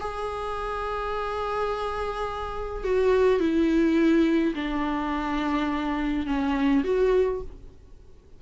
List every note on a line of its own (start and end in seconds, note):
0.00 2.84 G#4
2.84 3.40 F#4
3.40 4.54 E4
4.55 6.26 D4
6.27 6.84 C#4
6.84 7.41 F#4